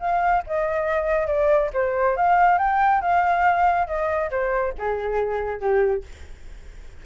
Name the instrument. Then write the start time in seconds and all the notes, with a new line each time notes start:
flute
0.00 F5
0.47 D#5
1.27 D5
1.73 C5
2.17 F5
2.58 G5
3.02 F5
3.87 D#5
4.30 C5
4.78 G#4
5.60 G4